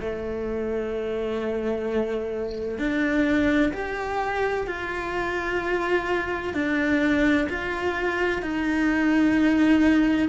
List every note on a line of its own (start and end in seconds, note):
0.00 2.79 A3
2.79 3.72 D4
3.73 4.67 G4
4.67 6.54 F4
6.54 7.47 D4
7.50 8.42 F4
8.42 10.29 D#4